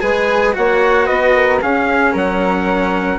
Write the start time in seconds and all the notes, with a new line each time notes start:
0.00 G#3 G#4 B4 G#5
0.53 A#3 F#4 C#5 F#5
1.07 B3 B4 D#5
1.36 A#4
1.62 C#4 G#4 F5
2.13 F#3 A#4 F#5